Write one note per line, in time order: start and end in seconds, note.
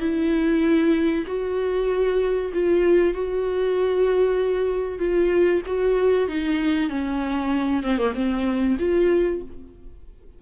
0.00 1.25 E4
1.27 2.52 F#4
2.53 3.14 F4
3.14 4.99 F#4
4.99 5.61 F4
5.66 6.28 F#4
6.28 6.89 D#4
6.89 7.83 C#4
7.83 7.98 C4
7.98 8.13 A#3
8.15 8.77 C4
8.79 9.42 F4